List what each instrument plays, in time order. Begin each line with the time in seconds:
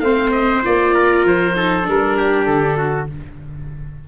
0.00 tuba A3, viola C4, trumpet C5, oboe F5
0.32 oboe D#5
0.64 tuba A#3, viola F4, oboe D5
0.95 trumpet A#4
1.25 tuba F3, oboe C5
1.56 viola D#4, trumpet A4
1.83 tuba G3, viola D4
1.89 oboe A#4
2.17 trumpet G4
2.46 tuba D3, oboe A4
2.77 trumpet F#4